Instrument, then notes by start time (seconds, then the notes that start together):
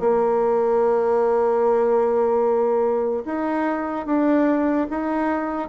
bassoon
0.00 A#3
3.26 D#4
4.06 D4
4.90 D#4